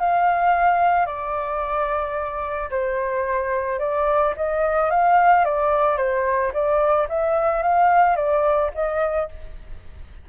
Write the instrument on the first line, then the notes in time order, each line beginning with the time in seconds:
flute
0.00 F5
1.07 D5
2.71 C5
3.80 D5
4.37 D#5
4.91 F5
5.45 D5
5.98 C5
6.54 D5
7.09 E5
7.63 F5
8.16 D5
8.75 D#5